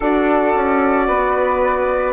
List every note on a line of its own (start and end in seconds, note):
0.00 0.54 D4
0.00 2.13 F#4
0.00 1.06 A4
0.00 2.13 D5
0.54 1.08 C#4
1.06 2.13 B3
1.06 2.13 B4